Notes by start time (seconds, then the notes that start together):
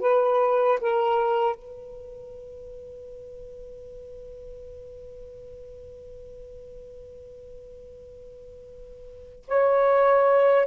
0.00 B4
0.80 A#4
1.55 B4
9.47 C#5